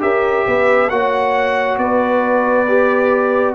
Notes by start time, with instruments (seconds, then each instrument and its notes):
0.00 tuba C#4, trombone G4, horn A#4, trumpet E5
0.47 tuba B3, horn B4
0.89 tuba A#3, trombone F#4, horn C#5, trumpet F#5
1.78 tuba B3, horn B4, trumpet D5
2.68 trombone G4